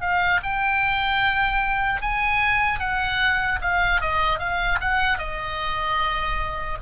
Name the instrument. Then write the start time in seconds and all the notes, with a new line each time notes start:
oboe
0.00 F5
0.43 G5
2.01 G#5
2.79 F#5
3.61 F5
4.01 D#5
4.39 F5
4.80 F#5
5.18 D#5